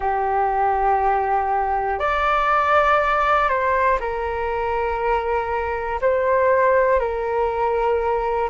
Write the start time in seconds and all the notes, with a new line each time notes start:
0.00 G4
1.99 D5
3.49 C5
4.00 A#4
6.01 C5
6.99 A#4